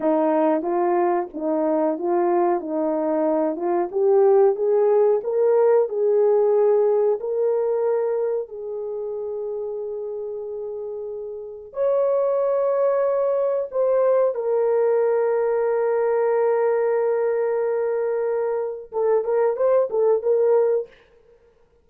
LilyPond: \new Staff \with { instrumentName = "horn" } { \time 4/4 \tempo 4 = 92 dis'4 f'4 dis'4 f'4 | dis'4. f'8 g'4 gis'4 | ais'4 gis'2 ais'4~ | ais'4 gis'2.~ |
gis'2 cis''2~ | cis''4 c''4 ais'2~ | ais'1~ | ais'4 a'8 ais'8 c''8 a'8 ais'4 | }